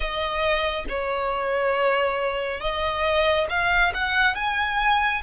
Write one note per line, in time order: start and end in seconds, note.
0.00 0.85 D#5
0.89 2.60 C#5
2.60 3.47 D#5
3.49 3.92 F5
3.94 4.35 F#5
4.35 5.22 G#5